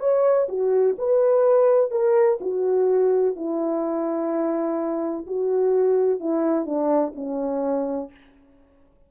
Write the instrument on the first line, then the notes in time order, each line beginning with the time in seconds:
horn
0.00 C#5
0.49 F#4
0.98 B4
1.91 A#4
2.41 F#4
3.36 E4
5.27 F#4
6.20 E4
6.66 D4
7.16 C#4